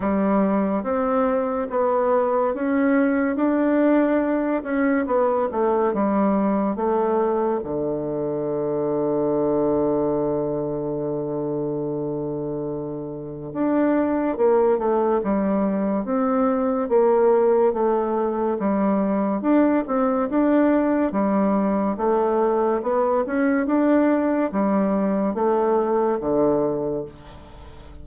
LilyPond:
\new Staff \with { instrumentName = "bassoon" } { \time 4/4 \tempo 4 = 71 g4 c'4 b4 cis'4 | d'4. cis'8 b8 a8 g4 | a4 d2.~ | d1 |
d'4 ais8 a8 g4 c'4 | ais4 a4 g4 d'8 c'8 | d'4 g4 a4 b8 cis'8 | d'4 g4 a4 d4 | }